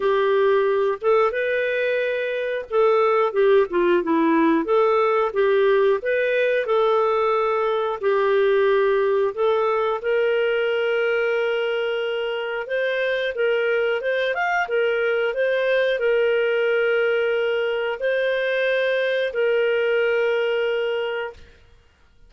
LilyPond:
\new Staff \with { instrumentName = "clarinet" } { \time 4/4 \tempo 4 = 90 g'4. a'8 b'2 | a'4 g'8 f'8 e'4 a'4 | g'4 b'4 a'2 | g'2 a'4 ais'4~ |
ais'2. c''4 | ais'4 c''8 f''8 ais'4 c''4 | ais'2. c''4~ | c''4 ais'2. | }